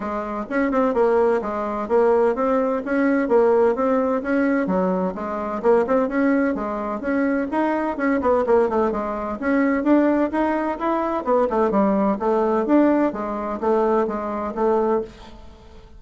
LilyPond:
\new Staff \with { instrumentName = "bassoon" } { \time 4/4 \tempo 4 = 128 gis4 cis'8 c'8 ais4 gis4 | ais4 c'4 cis'4 ais4 | c'4 cis'4 fis4 gis4 | ais8 c'8 cis'4 gis4 cis'4 |
dis'4 cis'8 b8 ais8 a8 gis4 | cis'4 d'4 dis'4 e'4 | b8 a8 g4 a4 d'4 | gis4 a4 gis4 a4 | }